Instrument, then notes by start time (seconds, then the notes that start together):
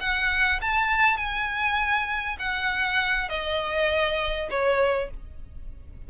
violin
0.00 F#5
0.62 A5
1.17 G#5
2.39 F#5
3.29 D#5
4.51 C#5